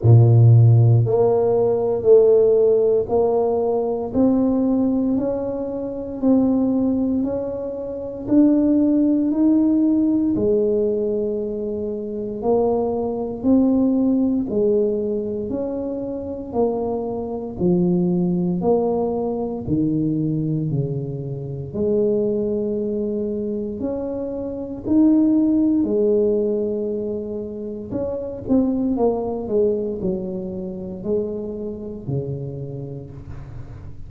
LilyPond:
\new Staff \with { instrumentName = "tuba" } { \time 4/4 \tempo 4 = 58 ais,4 ais4 a4 ais4 | c'4 cis'4 c'4 cis'4 | d'4 dis'4 gis2 | ais4 c'4 gis4 cis'4 |
ais4 f4 ais4 dis4 | cis4 gis2 cis'4 | dis'4 gis2 cis'8 c'8 | ais8 gis8 fis4 gis4 cis4 | }